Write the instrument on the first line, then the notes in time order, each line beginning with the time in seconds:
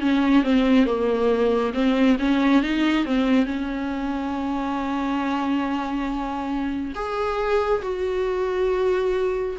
viola
0.00 C#4
0.43 C4
0.86 A#3
1.74 C4
2.19 C#4
2.62 D#4
3.05 C4
3.45 C#4
6.95 G#4
7.82 F#4